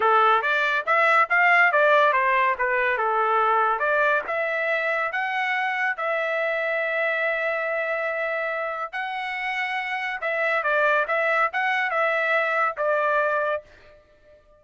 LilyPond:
\new Staff \with { instrumentName = "trumpet" } { \time 4/4 \tempo 4 = 141 a'4 d''4 e''4 f''4 | d''4 c''4 b'4 a'4~ | a'4 d''4 e''2 | fis''2 e''2~ |
e''1~ | e''4 fis''2. | e''4 d''4 e''4 fis''4 | e''2 d''2 | }